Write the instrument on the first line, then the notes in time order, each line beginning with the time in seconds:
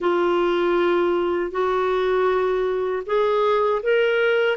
clarinet
0.00 F4
1.51 F#4
3.06 G#4
3.83 A#4